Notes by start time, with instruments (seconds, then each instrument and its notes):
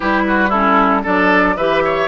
0.00 bassoon G3, clarinet E4, oboe G4, flute B4
0.27 oboe F#4
0.49 clarinet C#4, oboe E4, flute A4
1.03 bassoon F#3, clarinet D4, oboe A4, flute D5
1.56 bassoon E3, clarinet G4, oboe B4, flute E5
1.84 oboe C#5